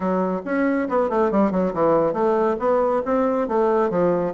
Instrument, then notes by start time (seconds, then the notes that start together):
bassoon
0.00 F#3
0.45 C#4
0.88 B3
1.09 A3
1.31 G3
1.51 F#3
1.73 E3
2.13 A3
2.59 B3
3.05 C4
3.47 A3
3.90 F3